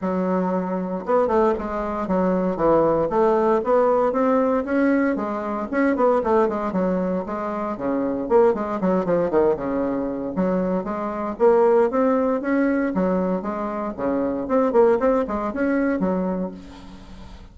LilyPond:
\new Staff \with { instrumentName = "bassoon" } { \time 4/4 \tempo 4 = 116 fis2 b8 a8 gis4 | fis4 e4 a4 b4 | c'4 cis'4 gis4 cis'8 b8 | a8 gis8 fis4 gis4 cis4 |
ais8 gis8 fis8 f8 dis8 cis4. | fis4 gis4 ais4 c'4 | cis'4 fis4 gis4 cis4 | c'8 ais8 c'8 gis8 cis'4 fis4 | }